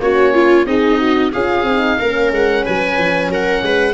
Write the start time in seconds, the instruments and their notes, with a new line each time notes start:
0.00 tuba A#3, horn C#4, viola F#4, oboe C#5
0.34 viola F4
0.66 tuba C4, viola D#4, horn G#4, oboe D#5
0.99 horn F#4
1.32 tuba C#4, horn F4, viola G#4, oboe F5
1.64 tuba C4, horn D#4
1.99 tuba A#3, horn C#4, viola A#4
2.32 tuba G#3, oboe F#5
2.64 tuba F#3, viola B4, oboe G#5
2.98 tuba F3
3.29 tuba F#3, viola A#4, oboe F#5
3.63 tuba G#3, viola B4